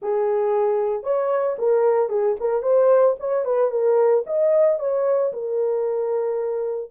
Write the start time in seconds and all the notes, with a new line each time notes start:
0.01 G#4
1.03 C#5
1.58 A#4
2.09 G#4
2.40 A#4
2.62 C5
3.19 C#5
3.45 B4
3.70 A#4
4.26 D#5
4.79 C#5
5.32 A#4